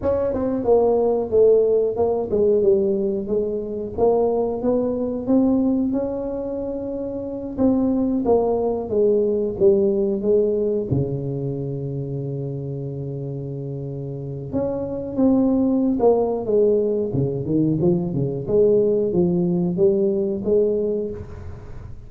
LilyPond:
\new Staff \with { instrumentName = "tuba" } { \time 4/4 \tempo 4 = 91 cis'8 c'8 ais4 a4 ais8 gis8 | g4 gis4 ais4 b4 | c'4 cis'2~ cis'8 c'8~ | c'8 ais4 gis4 g4 gis8~ |
gis8 cis2.~ cis8~ | cis2 cis'4 c'4~ | c'16 ais8. gis4 cis8 dis8 f8 cis8 | gis4 f4 g4 gis4 | }